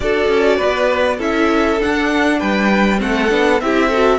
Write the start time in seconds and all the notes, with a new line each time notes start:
0.00 D4 F#4 A4 D5
0.28 C#4
0.56 B4
0.63 B3
1.17 C#4 E4 A4 E5
1.79 D4 F#5
2.39 G3 B4 G5
2.97 A3 C4 A4 F#5
3.29 B3 D4
3.60 C4 E4 G4 E5
3.88 F#4 A4